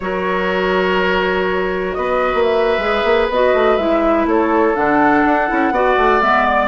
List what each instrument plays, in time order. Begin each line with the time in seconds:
0.00 bassoon F#3, clarinet F#4, oboe A#4, flute C#5
1.93 bassoon B3, oboe B4, flute D#5
2.34 bassoon A#3
2.42 flute E5
2.78 bassoon G#3, clarinet G#4
3.04 bassoon A#3
3.29 bassoon B3, clarinet F#4, flute D#5
3.53 bassoon A3
3.76 bassoon G#3, clarinet E4, flute E5
4.25 bassoon A3, oboe A4, flute C#5
4.74 bassoon D3, clarinet D4, flute F#5
5.25 bassoon D4
5.47 bassoon C#4, clarinet E4
5.71 bassoon B3, clarinet F#4, oboe D5
5.97 bassoon A3
6.21 bassoon G#3, clarinet B3, flute E5
6.46 flute D5